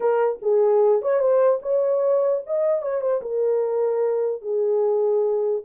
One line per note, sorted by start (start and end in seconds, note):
0.00 0.39 A#4
0.41 1.02 G#4
1.02 1.19 C#5
1.19 1.59 C5
1.62 2.42 C#5
2.46 2.82 D#5
2.82 3.01 C#5
3.01 3.21 C5
3.21 4.41 A#4
4.41 5.62 G#4